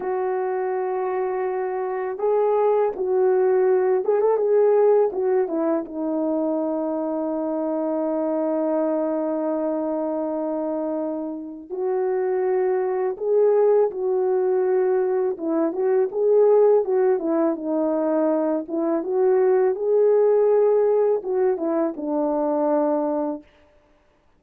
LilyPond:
\new Staff \with { instrumentName = "horn" } { \time 4/4 \tempo 4 = 82 fis'2. gis'4 | fis'4. gis'16 a'16 gis'4 fis'8 e'8 | dis'1~ | dis'1 |
fis'2 gis'4 fis'4~ | fis'4 e'8 fis'8 gis'4 fis'8 e'8 | dis'4. e'8 fis'4 gis'4~ | gis'4 fis'8 e'8 d'2 | }